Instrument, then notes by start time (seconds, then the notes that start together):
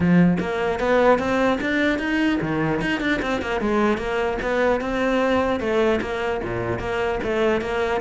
cello
0.00 F3
0.39 A#3
0.79 B3
1.19 C4
1.61 D4
1.99 D#4
2.41 D#3
2.81 D#4
3.00 D4
3.22 C4
3.41 A#3
3.61 G#3
3.97 A#3
4.41 B3
4.81 C4
5.59 A3
6.01 A#3
6.43 A#2
6.79 A#3
7.23 A3
7.61 A#3